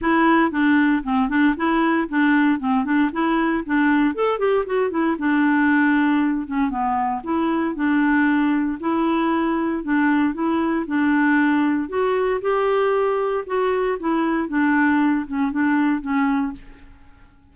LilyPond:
\new Staff \with { instrumentName = "clarinet" } { \time 4/4 \tempo 4 = 116 e'4 d'4 c'8 d'8 e'4 | d'4 c'8 d'8 e'4 d'4 | a'8 g'8 fis'8 e'8 d'2~ | d'8 cis'8 b4 e'4 d'4~ |
d'4 e'2 d'4 | e'4 d'2 fis'4 | g'2 fis'4 e'4 | d'4. cis'8 d'4 cis'4 | }